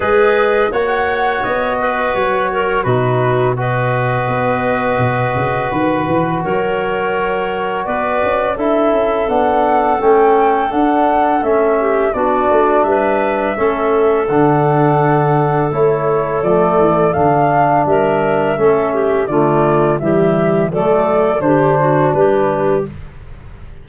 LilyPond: <<
  \new Staff \with { instrumentName = "flute" } { \time 4/4 \tempo 4 = 84 dis''4 fis''4 dis''4 cis''4 | b'4 dis''2. | b'4 cis''2 d''4 | e''4 fis''4 g''4 fis''4 |
e''4 d''4 e''2 | fis''2 cis''4 d''4 | f''4 e''2 d''4 | e''4 d''4 c''4 b'4 | }
  \new Staff \with { instrumentName = "clarinet" } { \time 4/4 b'4 cis''4. b'4 ais'8 | fis'4 b'2.~ | b'4 ais'2 b'4 | a'1~ |
a'8 g'8 fis'4 b'4 a'4~ | a'1~ | a'4 ais'4 a'8 g'8 f'4 | g'4 a'4 g'8 fis'8 g'4 | }
  \new Staff \with { instrumentName = "trombone" } { \time 4/4 gis'4 fis'2. | dis'4 fis'2.~ | fis'1 | e'4 d'4 cis'4 d'4 |
cis'4 d'2 cis'4 | d'2 e'4 a4 | d'2 cis'4 a4 | g4 a4 d'2 | }
  \new Staff \with { instrumentName = "tuba" } { \time 4/4 gis4 ais4 b4 fis4 | b,2 b4 b,8 cis8 | dis8 e8 fis2 b8 cis'8 | d'8 cis'8 b4 a4 d'4 |
a4 b8 a8 g4 a4 | d2 a4 f8 e8 | d4 g4 a4 d4 | e4 fis4 d4 g4 | }
>>